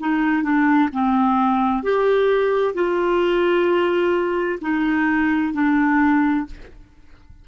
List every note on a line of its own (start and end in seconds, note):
0.00 0.43 D#4
0.43 0.89 D4
0.93 1.83 C4
1.83 2.74 G4
2.74 4.59 F4
4.62 5.53 D#4
5.53 6.46 D4